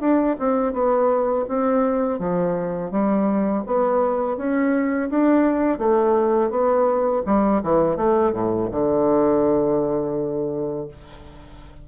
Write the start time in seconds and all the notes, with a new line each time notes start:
0.00 D4
0.38 C4
0.73 B3
1.48 C4
2.19 F3
2.91 G3
3.66 B3
4.37 C#4
5.10 D4
5.78 A3
6.50 B3
7.26 G3
7.63 E3
7.96 A3
8.32 A2
8.71 D3